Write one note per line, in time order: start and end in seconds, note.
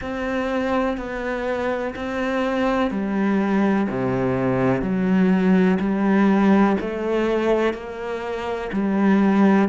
0.01 0.97 C4
0.97 1.94 B3
1.95 2.90 C4
2.90 3.87 G3
3.89 4.81 C3
4.81 5.78 F#3
5.79 6.76 G3
6.80 7.73 A3
7.73 8.70 A#3
8.72 9.68 G3